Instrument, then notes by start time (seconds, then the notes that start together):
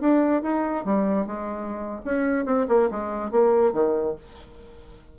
bassoon
0.00 D4
0.42 D#4
0.85 G3
1.26 G#3
2.05 C#4
2.45 C4
2.68 A#3
2.91 G#3
3.31 A#3
3.72 D#3